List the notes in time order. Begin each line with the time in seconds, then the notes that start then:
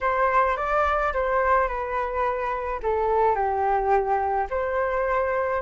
0.00 C5
0.56 D5
1.13 C5
1.67 B4
2.82 A4
3.35 G4
4.50 C5